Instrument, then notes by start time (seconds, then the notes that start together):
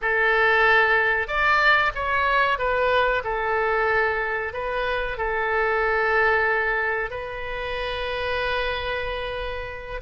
oboe
0.01 A4
1.27 D5
1.94 C#5
2.58 B4
3.24 A4
4.53 B4
5.17 A4
7.10 B4